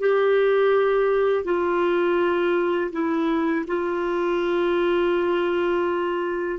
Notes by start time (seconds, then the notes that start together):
0.00 G4
1.45 F4
2.92 E4
3.68 F4